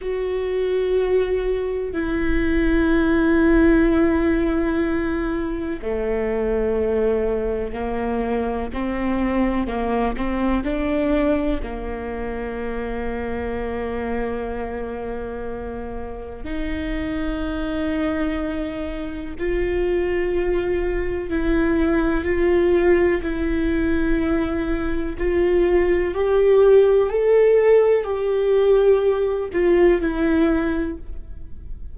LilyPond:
\new Staff \with { instrumentName = "viola" } { \time 4/4 \tempo 4 = 62 fis'2 e'2~ | e'2 a2 | ais4 c'4 ais8 c'8 d'4 | ais1~ |
ais4 dis'2. | f'2 e'4 f'4 | e'2 f'4 g'4 | a'4 g'4. f'8 e'4 | }